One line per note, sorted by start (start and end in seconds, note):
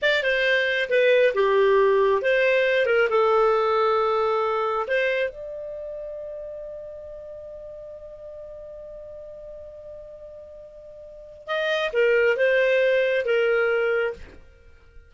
0.01 0.23 D5
0.23 0.89 C5
0.89 1.33 B4
1.34 2.22 G4
2.22 2.86 C5
2.86 3.08 A#4
3.09 4.86 A4
4.87 5.29 C5
5.29 11.46 D5
11.46 11.91 D#5
11.93 12.36 A#4
12.36 13.25 C5
13.25 14.13 A#4